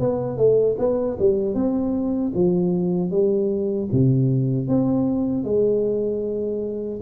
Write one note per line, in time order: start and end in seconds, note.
0.00 0.38 B3
0.38 0.77 A3
0.79 1.18 B3
1.20 1.55 G3
1.55 2.33 C4
2.35 3.11 F3
3.11 3.89 G3
3.92 4.69 C3
4.69 5.45 C4
5.45 7.01 G#3